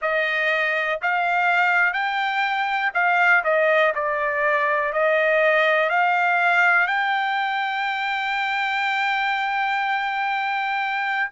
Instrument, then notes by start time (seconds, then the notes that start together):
trumpet
0.01 D#5
1.01 F5
1.93 G5
2.93 F5
3.43 D#5
3.94 D5
4.92 D#5
5.89 F5
6.87 G5